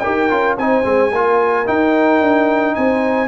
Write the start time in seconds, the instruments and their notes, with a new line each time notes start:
0.00 trombone G4, horn A#4, trumpet G5
0.06 tuba D#4
0.30 tuba C#4, trombone F4
0.57 tuba C4, trombone D#4, horn C5, trumpet G#5
0.83 tuba G#3, trombone C4
1.12 tuba A#3, trombone F4, horn A#4
1.66 trombone D#4, tuba D#4, trumpet G5
2.21 tuba D4
2.75 tuba C4, horn C5, trumpet G#5